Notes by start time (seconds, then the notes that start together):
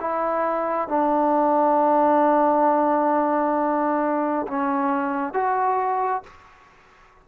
0.00 E4
0.88 D4
4.47 C#4
5.33 F#4